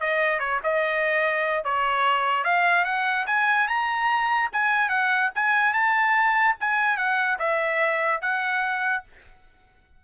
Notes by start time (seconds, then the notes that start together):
0.00 D#5
0.39 C#5
0.63 D#5
1.64 C#5
2.44 F5
2.84 F#5
3.27 G#5
3.68 A#5
4.52 G#5
4.89 F#5
5.35 G#5
5.73 A5
6.60 G#5
6.97 F#5
7.39 E5
8.21 F#5